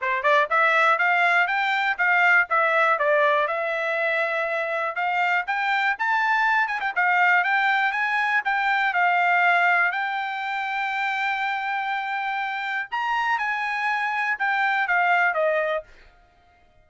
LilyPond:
\new Staff \with { instrumentName = "trumpet" } { \time 4/4 \tempo 4 = 121 c''8 d''8 e''4 f''4 g''4 | f''4 e''4 d''4 e''4~ | e''2 f''4 g''4 | a''4. gis''16 g''16 f''4 g''4 |
gis''4 g''4 f''2 | g''1~ | g''2 ais''4 gis''4~ | gis''4 g''4 f''4 dis''4 | }